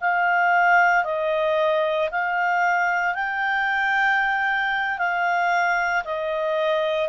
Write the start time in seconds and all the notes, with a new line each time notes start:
0.00 F5
1.04 D#5
2.11 F5
3.14 G5
4.98 F5
6.04 D#5